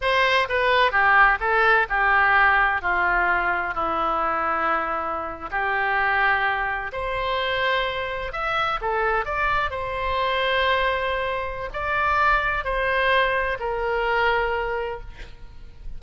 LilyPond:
\new Staff \with { instrumentName = "oboe" } { \time 4/4 \tempo 4 = 128 c''4 b'4 g'4 a'4 | g'2 f'2 | e'2.~ e'8. g'16~ | g'2~ g'8. c''4~ c''16~ |
c''4.~ c''16 e''4 a'4 d''16~ | d''8. c''2.~ c''16~ | c''4 d''2 c''4~ | c''4 ais'2. | }